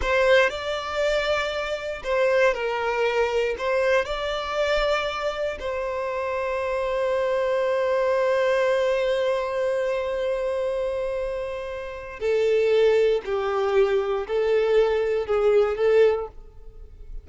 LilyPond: \new Staff \with { instrumentName = "violin" } { \time 4/4 \tempo 4 = 118 c''4 d''2. | c''4 ais'2 c''4 | d''2. c''4~ | c''1~ |
c''1~ | c''1 | a'2 g'2 | a'2 gis'4 a'4 | }